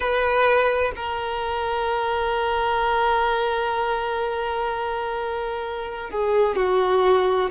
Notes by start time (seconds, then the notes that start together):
0.00 B4
0.95 A#4
6.10 G#4
6.56 F#4